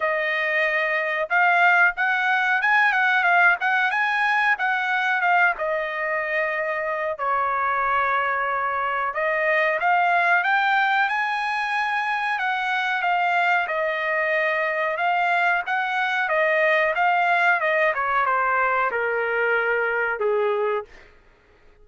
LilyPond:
\new Staff \with { instrumentName = "trumpet" } { \time 4/4 \tempo 4 = 92 dis''2 f''4 fis''4 | gis''8 fis''8 f''8 fis''8 gis''4 fis''4 | f''8 dis''2~ dis''8 cis''4~ | cis''2 dis''4 f''4 |
g''4 gis''2 fis''4 | f''4 dis''2 f''4 | fis''4 dis''4 f''4 dis''8 cis''8 | c''4 ais'2 gis'4 | }